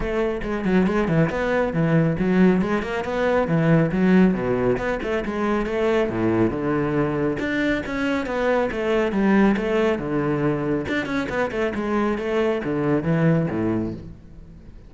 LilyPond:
\new Staff \with { instrumentName = "cello" } { \time 4/4 \tempo 4 = 138 a4 gis8 fis8 gis8 e8 b4 | e4 fis4 gis8 ais8 b4 | e4 fis4 b,4 b8 a8 | gis4 a4 a,4 d4~ |
d4 d'4 cis'4 b4 | a4 g4 a4 d4~ | d4 d'8 cis'8 b8 a8 gis4 | a4 d4 e4 a,4 | }